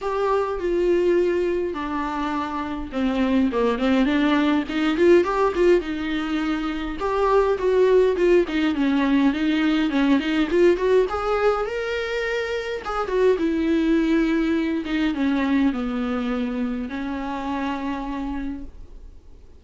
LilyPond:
\new Staff \with { instrumentName = "viola" } { \time 4/4 \tempo 4 = 103 g'4 f'2 d'4~ | d'4 c'4 ais8 c'8 d'4 | dis'8 f'8 g'8 f'8 dis'2 | g'4 fis'4 f'8 dis'8 cis'4 |
dis'4 cis'8 dis'8 f'8 fis'8 gis'4 | ais'2 gis'8 fis'8 e'4~ | e'4. dis'8 cis'4 b4~ | b4 cis'2. | }